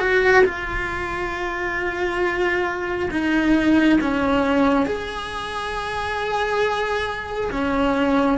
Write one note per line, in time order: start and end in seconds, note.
0.00 0.44 F#4
0.45 3.09 F4
3.11 3.99 D#4
4.01 4.86 C#4
4.86 7.51 G#4
7.52 8.38 C#4